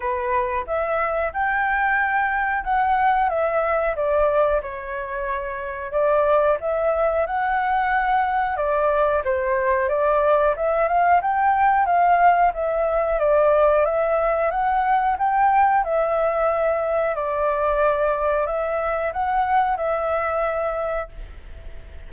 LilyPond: \new Staff \with { instrumentName = "flute" } { \time 4/4 \tempo 4 = 91 b'4 e''4 g''2 | fis''4 e''4 d''4 cis''4~ | cis''4 d''4 e''4 fis''4~ | fis''4 d''4 c''4 d''4 |
e''8 f''8 g''4 f''4 e''4 | d''4 e''4 fis''4 g''4 | e''2 d''2 | e''4 fis''4 e''2 | }